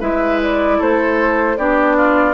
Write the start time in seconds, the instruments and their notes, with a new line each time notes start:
0.00 bassoon G#3, clarinet E4, oboe B4, flute E5
0.43 flute D5
0.78 bassoon A3, oboe A4, flute C5
1.57 bassoon B3, clarinet D4, oboe G4, flute D5
1.97 oboe F4